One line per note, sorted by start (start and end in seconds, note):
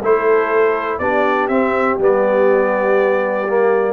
0.00 0.98 A3
0.00 1.01 E4
0.00 1.00 A4
0.00 0.98 C5
0.98 1.48 B3
0.98 1.50 D4
0.98 3.93 G4
0.98 1.47 D5
1.48 1.97 C4
1.48 1.99 C4
1.48 1.97 E5
1.98 3.93 G3
1.98 3.47 B3
1.98 3.93 D5
3.48 3.93 A#3